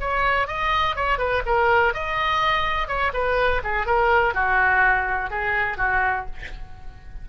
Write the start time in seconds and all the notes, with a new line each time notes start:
0.00 C#5
0.47 D#5
0.96 C#5
1.18 B4
1.46 A#4
1.94 D#5
2.88 C#5
3.13 B4
3.64 G#4
3.86 A#4
4.34 F#4
5.30 G#4
5.77 F#4